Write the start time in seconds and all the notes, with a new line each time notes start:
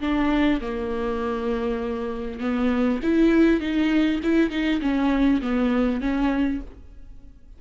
0.00 D4
0.61 A#3
2.40 B3
3.02 E4
3.60 D#4
4.23 E4
4.50 D#4
4.81 C#4
5.41 B3
6.00 C#4